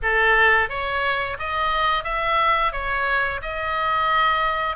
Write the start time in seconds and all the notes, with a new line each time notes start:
0.02 A4
0.69 C#5
1.38 D#5
2.04 E5
2.72 C#5
3.42 D#5